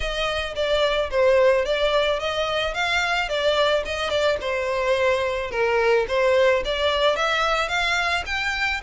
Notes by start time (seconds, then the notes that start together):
0.00 D#5
0.55 D5
1.10 C5
1.65 D5
2.19 D#5
2.74 F5
3.28 D5
3.85 D#5
4.09 D5
4.40 C5
5.50 A#4
6.08 C5
6.64 D5
7.16 E5
7.68 F5
8.26 G5